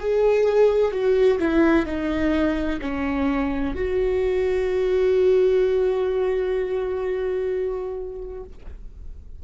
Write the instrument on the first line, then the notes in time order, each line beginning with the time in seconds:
viola
0.00 G#4
0.92 F#4
1.39 E4
1.86 D#4
2.82 C#4
3.75 F#4